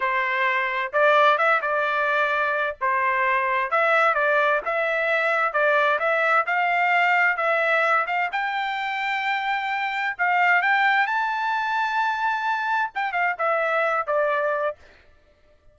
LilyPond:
\new Staff \with { instrumentName = "trumpet" } { \time 4/4 \tempo 4 = 130 c''2 d''4 e''8 d''8~ | d''2 c''2 | e''4 d''4 e''2 | d''4 e''4 f''2 |
e''4. f''8 g''2~ | g''2 f''4 g''4 | a''1 | g''8 f''8 e''4. d''4. | }